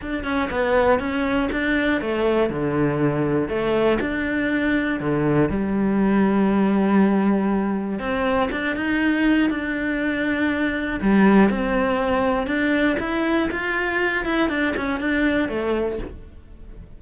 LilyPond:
\new Staff \with { instrumentName = "cello" } { \time 4/4 \tempo 4 = 120 d'8 cis'8 b4 cis'4 d'4 | a4 d2 a4 | d'2 d4 g4~ | g1 |
c'4 d'8 dis'4. d'4~ | d'2 g4 c'4~ | c'4 d'4 e'4 f'4~ | f'8 e'8 d'8 cis'8 d'4 a4 | }